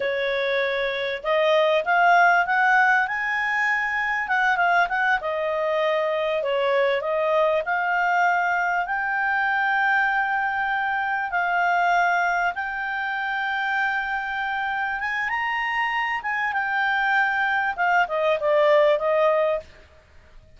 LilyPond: \new Staff \with { instrumentName = "clarinet" } { \time 4/4 \tempo 4 = 98 cis''2 dis''4 f''4 | fis''4 gis''2 fis''8 f''8 | fis''8 dis''2 cis''4 dis''8~ | dis''8 f''2 g''4.~ |
g''2~ g''8 f''4.~ | f''8 g''2.~ g''8~ | g''8 gis''8 ais''4. gis''8 g''4~ | g''4 f''8 dis''8 d''4 dis''4 | }